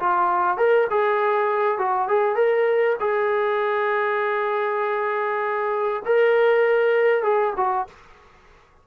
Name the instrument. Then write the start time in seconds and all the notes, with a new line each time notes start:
trombone
0.00 F4
0.58 A#4
0.91 G#4
1.79 F#4
2.08 G#4
2.36 A#4
3.00 G#4
6.06 A#4
7.23 G#4
7.57 F#4